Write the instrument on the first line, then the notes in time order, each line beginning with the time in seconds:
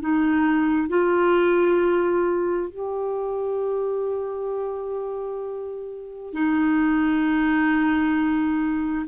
clarinet
0.00 D#4
0.88 F4
2.70 G4
6.33 D#4